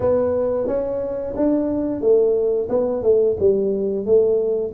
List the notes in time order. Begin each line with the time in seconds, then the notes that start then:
0.00 B3
0.67 C#4
1.35 D4
2.01 A3
2.69 B3
3.02 A3
3.39 G3
4.05 A3